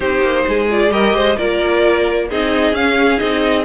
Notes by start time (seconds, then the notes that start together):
0.00 C4 D#4 G4 C5
0.21 A#3
0.47 G#3 G#4
0.69 F4 D5
0.90 G3 G4 A#4 D#5
1.13 G#3 C5
1.36 A#3 F4 A#4 D5
2.29 C4 D#4 G#4 D#5
2.72 C#4 F5
3.17 C4 D#4 D#5